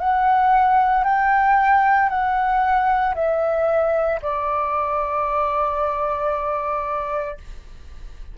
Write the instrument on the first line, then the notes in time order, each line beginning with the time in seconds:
flute
0.00 F#5
1.04 G5
2.09 F#5
3.15 E5
4.22 D5